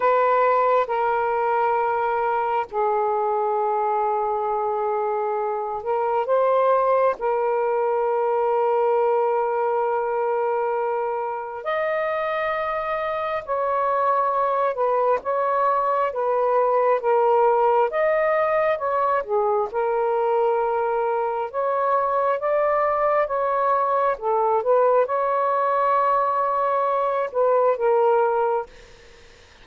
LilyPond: \new Staff \with { instrumentName = "saxophone" } { \time 4/4 \tempo 4 = 67 b'4 ais'2 gis'4~ | gis'2~ gis'8 ais'8 c''4 | ais'1~ | ais'4 dis''2 cis''4~ |
cis''8 b'8 cis''4 b'4 ais'4 | dis''4 cis''8 gis'8 ais'2 | cis''4 d''4 cis''4 a'8 b'8 | cis''2~ cis''8 b'8 ais'4 | }